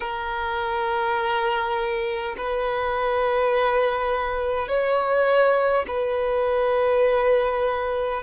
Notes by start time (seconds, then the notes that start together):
0.00 A#4
2.37 B4
4.67 C#5
5.87 B4